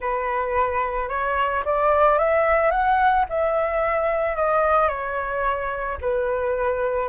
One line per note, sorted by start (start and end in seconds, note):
0.00 1.09 B4
1.09 1.63 C#5
1.64 2.18 D5
2.18 2.70 E5
2.70 3.25 F#5
3.29 4.36 E5
4.36 4.88 D#5
4.88 5.97 C#5
6.01 7.09 B4